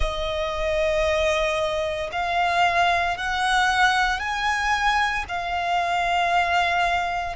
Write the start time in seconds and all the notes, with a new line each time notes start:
0.00 D#5
2.11 F5
3.17 F#5
4.19 G#5
5.28 F5